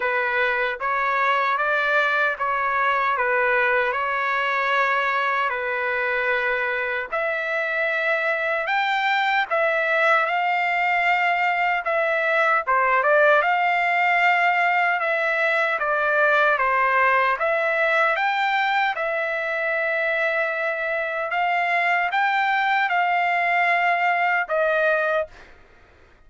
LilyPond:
\new Staff \with { instrumentName = "trumpet" } { \time 4/4 \tempo 4 = 76 b'4 cis''4 d''4 cis''4 | b'4 cis''2 b'4~ | b'4 e''2 g''4 | e''4 f''2 e''4 |
c''8 d''8 f''2 e''4 | d''4 c''4 e''4 g''4 | e''2. f''4 | g''4 f''2 dis''4 | }